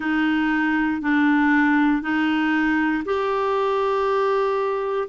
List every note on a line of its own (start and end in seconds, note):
0.00 1.01 D#4
1.01 2.02 D4
2.02 3.03 D#4
3.05 5.08 G4